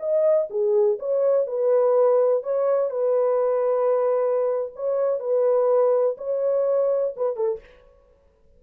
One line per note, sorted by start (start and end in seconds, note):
0.00 0.48 D#5
0.50 0.99 G#4
0.99 1.47 C#5
1.47 2.43 B4
2.43 2.91 C#5
2.91 4.72 B4
4.76 5.20 C#5
5.20 6.17 B4
6.18 7.15 C#5
7.16 7.36 B4
7.36 7.60 A4